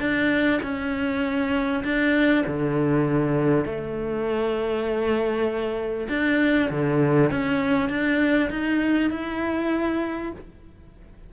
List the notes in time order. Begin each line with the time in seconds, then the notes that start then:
0.00 D4
0.63 C#4
1.84 D4
2.47 D3
3.65 A3
6.09 D4
6.71 D3
7.31 C#4
7.89 D4
8.50 D#4
9.11 E4